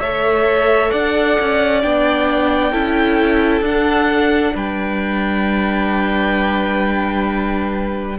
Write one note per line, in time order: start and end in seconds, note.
0.00 0.91 A3
0.00 1.82 A4
0.00 0.91 C#5
0.00 0.91 E5
0.91 1.39 D4
0.91 2.73 D5
0.91 1.82 F#5
1.41 1.84 C#4
1.82 2.74 B3
1.82 2.73 D4
1.82 3.65 G5
2.73 3.62 C#4
2.73 3.63 E4
2.73 4.54 A4
3.62 4.52 D4
3.62 8.19 D4
3.62 4.56 F#5
4.55 8.19 G3
4.55 8.18 B4
4.55 8.19 G5